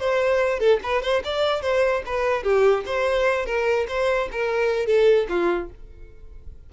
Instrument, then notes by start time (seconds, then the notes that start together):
violin
0.00 C5
0.60 A4
0.83 B4
1.02 C5
1.24 D5
1.62 C5
2.06 B4
2.43 G4
2.86 C5
3.46 A#4
3.88 C5
4.32 A#4
4.86 A4
5.29 F4